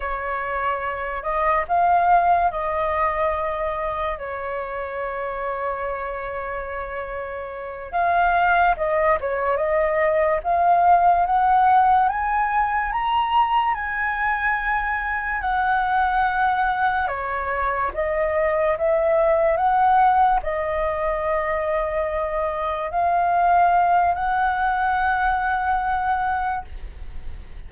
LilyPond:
\new Staff \with { instrumentName = "flute" } { \time 4/4 \tempo 4 = 72 cis''4. dis''8 f''4 dis''4~ | dis''4 cis''2.~ | cis''4. f''4 dis''8 cis''8 dis''8~ | dis''8 f''4 fis''4 gis''4 ais''8~ |
ais''8 gis''2 fis''4.~ | fis''8 cis''4 dis''4 e''4 fis''8~ | fis''8 dis''2. f''8~ | f''4 fis''2. | }